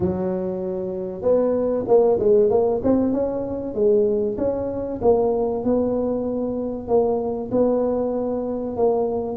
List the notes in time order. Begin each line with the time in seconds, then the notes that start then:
0.00 F#3
1.22 B3
1.87 A#3
2.19 G#3
2.50 A#3
2.83 C4
3.12 C#4
3.74 G#3
4.38 C#4
5.01 A#3
5.64 B3
6.88 A#3
7.51 B3
8.76 A#3